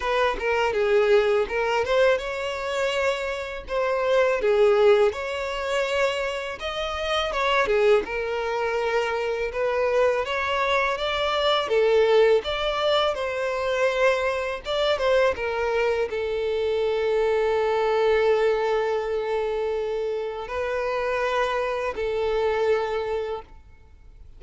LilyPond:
\new Staff \with { instrumentName = "violin" } { \time 4/4 \tempo 4 = 82 b'8 ais'8 gis'4 ais'8 c''8 cis''4~ | cis''4 c''4 gis'4 cis''4~ | cis''4 dis''4 cis''8 gis'8 ais'4~ | ais'4 b'4 cis''4 d''4 |
a'4 d''4 c''2 | d''8 c''8 ais'4 a'2~ | a'1 | b'2 a'2 | }